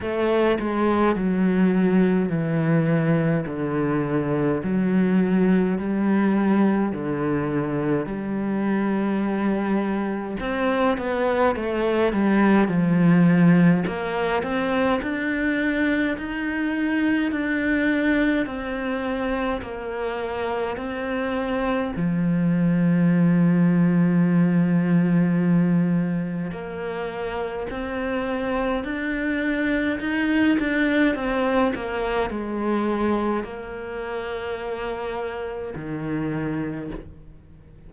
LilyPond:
\new Staff \with { instrumentName = "cello" } { \time 4/4 \tempo 4 = 52 a8 gis8 fis4 e4 d4 | fis4 g4 d4 g4~ | g4 c'8 b8 a8 g8 f4 | ais8 c'8 d'4 dis'4 d'4 |
c'4 ais4 c'4 f4~ | f2. ais4 | c'4 d'4 dis'8 d'8 c'8 ais8 | gis4 ais2 dis4 | }